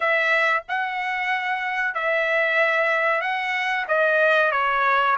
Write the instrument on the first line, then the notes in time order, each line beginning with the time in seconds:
trumpet
0.00 E5
0.68 F#5
1.94 E5
3.21 F#5
3.88 D#5
4.51 C#5